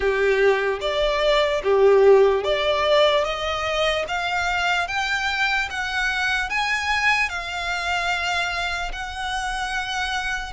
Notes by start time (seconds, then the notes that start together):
0.00 G4
0.80 D5
1.63 G4
2.44 D5
3.24 D#5
4.08 F5
4.87 G5
5.69 F#5
6.49 G#5
7.29 F5
8.92 F#5